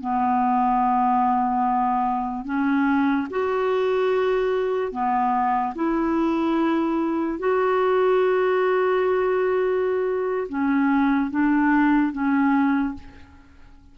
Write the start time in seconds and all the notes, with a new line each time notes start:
0.00 B3
2.45 C#4
3.30 F#4
4.92 B3
5.75 E4
7.39 F#4
10.48 C#4
11.31 D4
12.12 C#4